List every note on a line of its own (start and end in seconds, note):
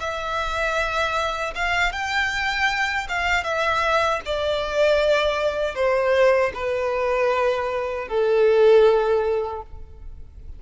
0.00 1.54 E5
1.55 1.92 F5
1.92 3.08 G5
3.09 3.44 F5
3.44 4.21 E5
4.26 5.75 D5
5.75 6.52 C5
6.55 8.08 B4
8.09 9.63 A4